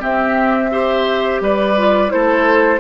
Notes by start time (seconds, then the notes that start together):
0.00 C4 G4 E5
0.71 G4 C5
1.41 G3 B4 D5
1.78 F4
2.09 A3 E4 A4 C5